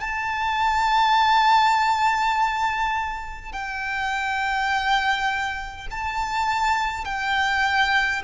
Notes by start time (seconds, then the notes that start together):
0.00 A5
3.52 G5
5.91 A5
7.05 G5